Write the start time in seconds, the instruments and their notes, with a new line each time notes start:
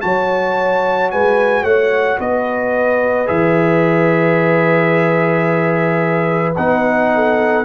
0.00 tuba F#3, trombone F#4, horn C#5, trumpet A5
1.10 tuba G#3, horn B4, trumpet G#5
1.62 tuba A3, horn C#5, trumpet F#5
2.18 tuba B3, horn B4, trumpet D#5
3.26 tuba E3, trombone G#4, trumpet E5
6.56 tuba B3, trombone D#4, trumpet F#5
7.14 horn A4